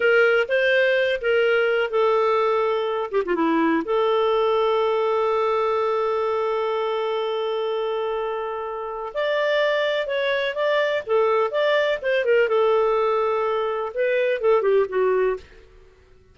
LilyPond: \new Staff \with { instrumentName = "clarinet" } { \time 4/4 \tempo 4 = 125 ais'4 c''4. ais'4. | a'2~ a'8 g'16 f'16 e'4 | a'1~ | a'1~ |
a'2. d''4~ | d''4 cis''4 d''4 a'4 | d''4 c''8 ais'8 a'2~ | a'4 b'4 a'8 g'8 fis'4 | }